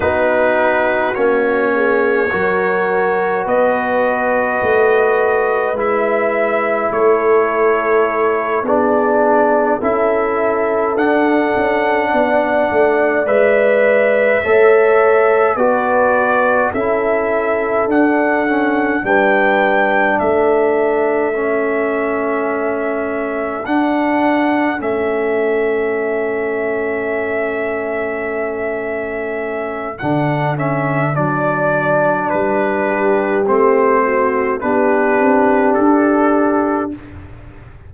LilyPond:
<<
  \new Staff \with { instrumentName = "trumpet" } { \time 4/4 \tempo 4 = 52 b'4 cis''2 dis''4~ | dis''4 e''4 cis''4. d''8~ | d''8 e''4 fis''2 e''8~ | e''4. d''4 e''4 fis''8~ |
fis''8 g''4 e''2~ e''8~ | e''8 fis''4 e''2~ e''8~ | e''2 fis''8 e''8 d''4 | b'4 c''4 b'4 a'4 | }
  \new Staff \with { instrumentName = "horn" } { \time 4/4 fis'4. gis'8 ais'4 b'4~ | b'2 a'4. gis'8~ | gis'8 a'2 d''4.~ | d''8 cis''4 b'4 a'4.~ |
a'8 b'4 a'2~ a'8~ | a'1~ | a'1~ | a'8 g'4 fis'8 g'2 | }
  \new Staff \with { instrumentName = "trombone" } { \time 4/4 dis'4 cis'4 fis'2~ | fis'4 e'2~ e'8 d'8~ | d'8 e'4 d'2 b'8~ | b'8 a'4 fis'4 e'4 d'8 |
cis'8 d'2 cis'4.~ | cis'8 d'4 cis'2~ cis'8~ | cis'2 d'8 cis'8 d'4~ | d'4 c'4 d'2 | }
  \new Staff \with { instrumentName = "tuba" } { \time 4/4 b4 ais4 fis4 b4 | a4 gis4 a4. b8~ | b8 cis'4 d'8 cis'8 b8 a8 gis8~ | gis8 a4 b4 cis'4 d'8~ |
d'8 g4 a2~ a8~ | a8 d'4 a2~ a8~ | a2 d4 fis4 | g4 a4 b8 c'8 d'4 | }
>>